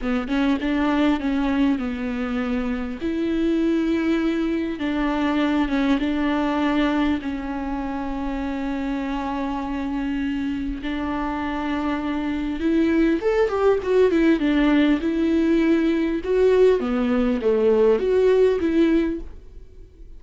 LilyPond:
\new Staff \with { instrumentName = "viola" } { \time 4/4 \tempo 4 = 100 b8 cis'8 d'4 cis'4 b4~ | b4 e'2. | d'4. cis'8 d'2 | cis'1~ |
cis'2 d'2~ | d'4 e'4 a'8 g'8 fis'8 e'8 | d'4 e'2 fis'4 | b4 a4 fis'4 e'4 | }